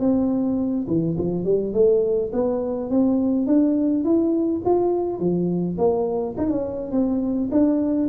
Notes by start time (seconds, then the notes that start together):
0.00 C4
0.88 E3
1.18 F3
1.45 G3
1.74 A3
2.33 B3
2.91 C4
3.47 D4
4.05 E4
4.65 F4
5.19 F3
5.78 A#3
6.38 D#4
6.51 C#4
6.92 C4
7.52 D4